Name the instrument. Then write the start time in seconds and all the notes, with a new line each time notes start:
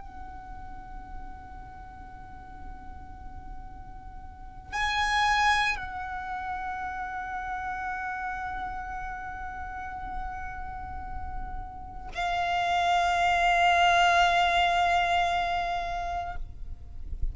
violin
0.00 F#5
4.72 G#5
5.77 F#5
12.14 F5